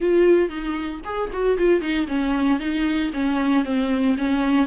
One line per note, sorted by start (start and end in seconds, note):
0.00 0.49 F4
0.49 1.01 D#4
1.04 1.30 G#4
1.33 1.57 F#4
1.57 1.81 F4
1.81 2.06 D#4
2.07 2.59 C#4
2.59 3.11 D#4
3.13 3.64 C#4
3.64 4.16 C4
4.17 4.66 C#4